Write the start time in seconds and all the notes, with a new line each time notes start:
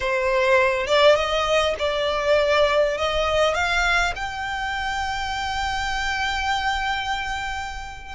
0.00 C5
0.86 D5
1.15 D#5
1.78 D5
2.97 D#5
3.54 F5
4.15 G5